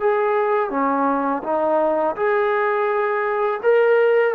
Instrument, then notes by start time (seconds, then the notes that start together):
trombone
0.00 G#4
0.70 C#4
1.43 D#4
2.16 G#4
3.62 A#4